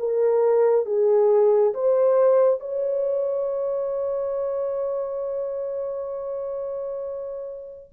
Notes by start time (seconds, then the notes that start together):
0.00 A#4
0.86 G#4
1.74 C5
2.60 C#5